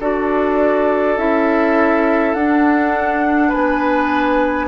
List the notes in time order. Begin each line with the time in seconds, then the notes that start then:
0.00 D4 F#4 A4 D5
1.18 C#4 E4 E5
2.34 D4 F#5
3.49 B3 B4 G#5